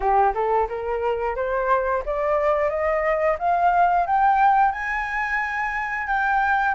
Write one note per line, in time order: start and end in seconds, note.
0.00 0.33 G4
0.34 0.67 A4
0.68 1.35 A#4
1.35 2.03 C5
2.05 2.69 D5
2.69 3.37 D#5
3.39 4.06 F5
4.06 4.72 G5
4.72 6.07 G#5
6.07 6.74 G5